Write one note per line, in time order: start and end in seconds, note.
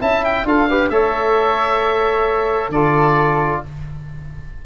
0.00 0.45 C#4
0.00 0.45 E4
0.00 0.46 E5
0.00 0.24 A5
0.25 0.47 G5
0.45 0.90 D4
0.45 0.68 F4
0.45 0.69 A4
0.45 0.89 F5
0.69 0.92 G4
0.69 0.91 B4
0.89 2.69 A3
0.89 2.74 A4
0.89 2.72 C#5
0.89 2.71 E5
2.69 3.60 D3
2.69 3.65 F4
2.69 3.63 A4
2.69 3.62 D5